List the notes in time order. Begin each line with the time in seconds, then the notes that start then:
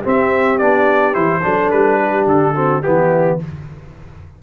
0.00 C4 G4
0.08 E5
0.58 B3 D4 D5
1.13 E3 E4 C5
1.42 F#3 D4 A4
1.71 G3 B4
2.01 G4
2.26 D3 A4
2.55 C4 F#4
2.83 E3 B3 E4 G4